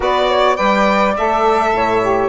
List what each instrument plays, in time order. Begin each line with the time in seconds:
0.00 bassoon B3, saxophone F#4, flute B4, violin D5
0.28 flute C#5
0.55 bassoon G3, saxophone B4, flute D5, violin G5
1.16 bassoon A3, saxophone A4, violin E5
1.72 bassoon A2, flute C#5
2.01 saxophone G4